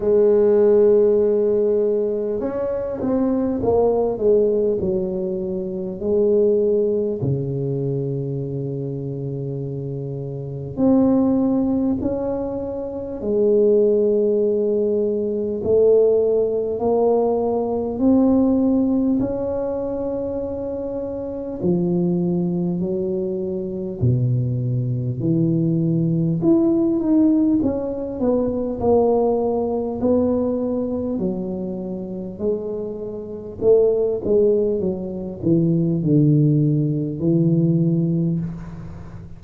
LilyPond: \new Staff \with { instrumentName = "tuba" } { \time 4/4 \tempo 4 = 50 gis2 cis'8 c'8 ais8 gis8 | fis4 gis4 cis2~ | cis4 c'4 cis'4 gis4~ | gis4 a4 ais4 c'4 |
cis'2 f4 fis4 | b,4 e4 e'8 dis'8 cis'8 b8 | ais4 b4 fis4 gis4 | a8 gis8 fis8 e8 d4 e4 | }